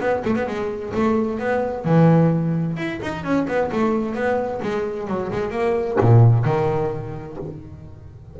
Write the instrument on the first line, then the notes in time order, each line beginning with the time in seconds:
double bass
0.00 B3
0.25 A3
0.36 B3
0.47 G#3
0.94 A3
1.39 B3
1.85 E3
2.77 E4
3.02 D#4
3.24 C#4
3.48 B3
3.72 A3
4.15 B3
4.62 G#3
5.07 F#3
5.32 G#3
5.51 A#3
6.00 A#2
6.45 D#3